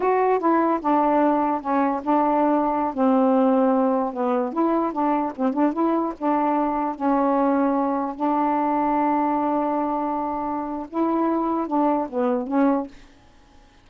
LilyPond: \new Staff \with { instrumentName = "saxophone" } { \time 4/4 \tempo 4 = 149 fis'4 e'4 d'2 | cis'4 d'2~ d'16 c'8.~ | c'2~ c'16 b4 e'8.~ | e'16 d'4 c'8 d'8 e'4 d'8.~ |
d'4~ d'16 cis'2~ cis'8.~ | cis'16 d'2.~ d'8.~ | d'2. e'4~ | e'4 d'4 b4 cis'4 | }